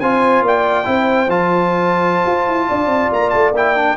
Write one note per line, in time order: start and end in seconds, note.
0.00 0.42 C4
0.00 0.84 F4
0.00 0.44 C5
0.00 0.43 G#5
0.42 0.85 A#3
0.42 0.87 D5
0.42 1.30 G5
0.84 1.28 C4
0.84 1.27 E4
0.84 2.68 C5
1.28 2.24 F3
1.28 3.54 F4
1.28 3.12 A5
2.26 2.47 F4
2.47 2.68 E4
2.68 2.86 D4
2.68 3.96 D5
2.86 3.08 C4
3.12 3.33 A#3
3.12 3.30 A#5
3.30 3.52 A3
3.30 3.51 A5
3.52 3.94 A#3
3.52 3.75 E4
3.52 3.96 G5
3.75 3.96 D4